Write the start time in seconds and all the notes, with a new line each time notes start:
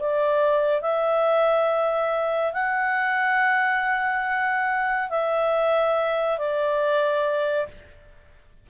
0.00 D5
0.82 E5
2.54 F#5
5.10 E5
6.39 D5